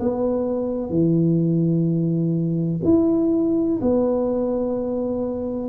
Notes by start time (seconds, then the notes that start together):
0.00 B3
0.90 E3
2.85 E4
3.82 B3